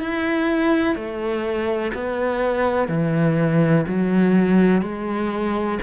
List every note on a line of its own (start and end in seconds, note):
0.00 0.95 E4
0.95 1.92 A3
1.94 2.89 B3
2.89 3.85 E3
3.88 4.82 F#3
4.82 5.79 G#3